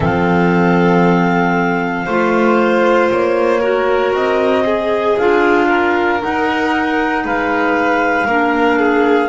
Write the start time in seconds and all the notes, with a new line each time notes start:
0.00 F3 C4 A4 F5
2.05 A3 F4 C5
3.11 A#3 C#5
3.60 F#4 A#4
4.13 C4 D#5
4.64 G#4
5.17 D4 F4 F5
5.68 A#4
6.19 D#4 F#5
7.23 G#3 B4 F5
8.25 A#3 D4 A#4
8.78 G#4